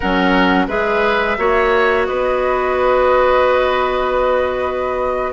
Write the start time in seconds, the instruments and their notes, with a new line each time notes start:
0.00 bassoon F#3, clarinet C#4, oboe A#4, flute F#5
0.68 bassoon G#3, clarinet G#4, oboe B4, flute E5
1.37 bassoon A#3, clarinet F#4, oboe C#5
2.06 bassoon B3, oboe B4, flute D#5